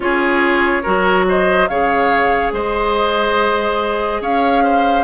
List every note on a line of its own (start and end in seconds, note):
0.00 0.83 C#4
0.00 0.83 F4
0.00 0.83 G#4
0.00 1.26 C#5
0.83 1.69 F#3
0.83 1.68 F#4
0.83 1.25 A#4
1.28 1.69 C5
1.28 1.67 D#5
1.67 2.51 C#3
1.67 5.04 G#4
1.67 2.53 C#5
1.67 2.52 F5
2.51 4.20 G#3
2.51 4.21 C5
2.51 4.22 D#5
4.21 5.04 C#4
4.21 4.63 C#5
4.21 5.04 F5
4.63 5.04 C5